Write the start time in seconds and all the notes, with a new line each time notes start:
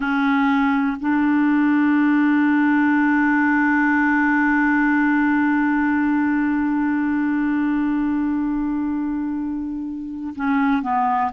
0.00 C#4
1.00 D4
10.35 C#4
10.82 B3